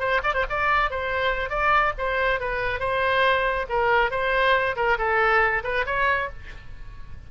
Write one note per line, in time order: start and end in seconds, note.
0.00 0.22 C5
0.23 0.34 D5
0.34 0.45 C5
0.50 0.91 D5
0.91 1.50 C5
1.50 1.93 D5
1.98 2.40 C5
2.40 2.80 B4
2.80 3.67 C5
3.70 4.11 A#4
4.11 4.76 C5
4.76 4.98 A#4
4.99 5.63 A4
5.64 5.85 B4
5.86 6.29 C#5